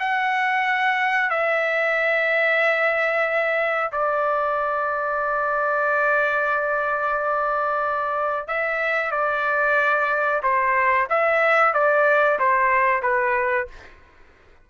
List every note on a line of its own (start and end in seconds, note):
0.00 1.30 F#5
1.30 3.91 E5
3.92 8.48 D5
8.48 9.12 E5
9.12 10.42 D5
10.43 11.08 C5
11.10 11.74 E5
11.74 12.39 D5
12.39 13.03 C5
13.03 13.68 B4